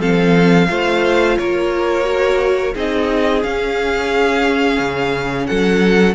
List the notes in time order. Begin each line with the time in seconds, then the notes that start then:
0.00 F3 C4 A4 F5
0.69 A3 F4 C5
1.38 A#3 A#4 C#5
2.04 F#4
2.74 C4 D#4 G#4 D#5
3.43 C#4 F5
4.80 C#3
5.47 F#3 A4 F#5